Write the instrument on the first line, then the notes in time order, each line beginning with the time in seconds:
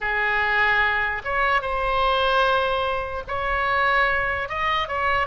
oboe
0.00 G#4
1.24 C#5
1.61 C5
3.27 C#5
4.49 D#5
4.88 C#5